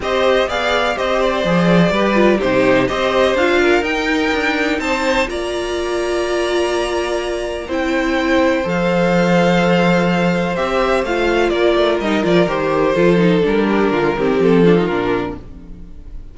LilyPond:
<<
  \new Staff \with { instrumentName = "violin" } { \time 4/4 \tempo 4 = 125 dis''4 f''4 dis''8 d''4.~ | d''4 c''4 dis''4 f''4 | g''2 a''4 ais''4~ | ais''1 |
g''2 f''2~ | f''2 e''4 f''4 | d''4 dis''8 d''8 c''2 | ais'2 a'4 ais'4 | }
  \new Staff \with { instrumentName = "violin" } { \time 4/4 c''4 d''4 c''2 | b'4 g'4 c''4. ais'8~ | ais'2 c''4 d''4~ | d''1 |
c''1~ | c''1 | ais'2. a'4~ | a'8 g'8 f'8 g'4 f'4. | }
  \new Staff \with { instrumentName = "viola" } { \time 4/4 g'4 gis'4 g'4 gis'4 | g'8 f'8 dis'4 g'4 f'4 | dis'2. f'4~ | f'1 |
e'2 a'2~ | a'2 g'4 f'4~ | f'4 dis'8 f'8 g'4 f'8 dis'8 | d'4. c'4 d'16 dis'16 d'4 | }
  \new Staff \with { instrumentName = "cello" } { \time 4/4 c'4 b4 c'4 f4 | g4 c4 c'4 d'4 | dis'4 d'4 c'4 ais4~ | ais1 |
c'2 f2~ | f2 c'4 a4 | ais8 a8 g8 f8 dis4 f4 | g4 d8 dis8 f4 ais,4 | }
>>